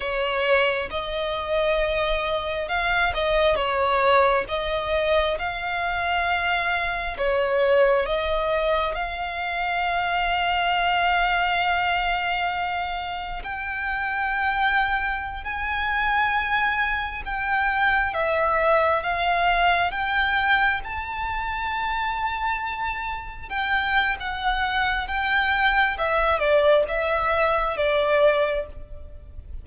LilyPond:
\new Staff \with { instrumentName = "violin" } { \time 4/4 \tempo 4 = 67 cis''4 dis''2 f''8 dis''8 | cis''4 dis''4 f''2 | cis''4 dis''4 f''2~ | f''2. g''4~ |
g''4~ g''16 gis''2 g''8.~ | g''16 e''4 f''4 g''4 a''8.~ | a''2~ a''16 g''8. fis''4 | g''4 e''8 d''8 e''4 d''4 | }